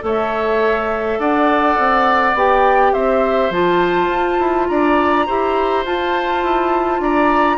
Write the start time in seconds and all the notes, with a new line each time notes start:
0.00 A3 A4 C#5
0.06 E5
1.19 D4 D5 F#5
1.78 C4
2.34 B3 G4 G5
2.93 C4 C5 E5
3.50 F3 F4 A5
4.08 F4
4.39 E4
4.67 D4 D5 A#5
5.26 E4 G4 C5
5.85 F4 A5
6.43 E4
7.00 D4 D5 A#5